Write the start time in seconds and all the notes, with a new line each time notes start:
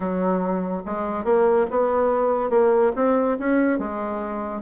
0.00 F#3
0.85 G#3
1.24 A#3
1.70 B3
2.49 A#3
2.95 C4
3.39 C#4
3.78 G#3